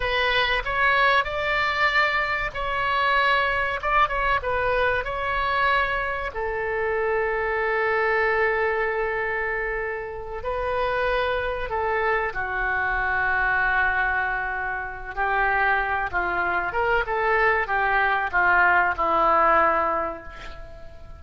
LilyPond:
\new Staff \with { instrumentName = "oboe" } { \time 4/4 \tempo 4 = 95 b'4 cis''4 d''2 | cis''2 d''8 cis''8 b'4 | cis''2 a'2~ | a'1~ |
a'8 b'2 a'4 fis'8~ | fis'1 | g'4. f'4 ais'8 a'4 | g'4 f'4 e'2 | }